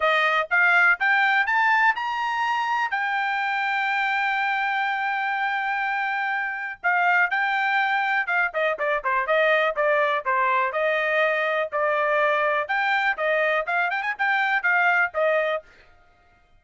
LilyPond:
\new Staff \with { instrumentName = "trumpet" } { \time 4/4 \tempo 4 = 123 dis''4 f''4 g''4 a''4 | ais''2 g''2~ | g''1~ | g''2 f''4 g''4~ |
g''4 f''8 dis''8 d''8 c''8 dis''4 | d''4 c''4 dis''2 | d''2 g''4 dis''4 | f''8 g''16 gis''16 g''4 f''4 dis''4 | }